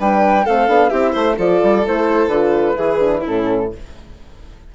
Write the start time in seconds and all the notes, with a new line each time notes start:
0.00 G3 D4 B4 G5
0.45 A3 C4 A4 F5
0.68 B3 D4
0.89 C4 E4 G4 E5
1.13 A3 C5
1.38 F3 F4 A4 D5
1.63 G3
1.86 A3 E4 C5
2.28 D3 F4 B4
2.76 E3 E4 G#4
3.00 D4
3.21 C#4 E4 A4
3.28 A2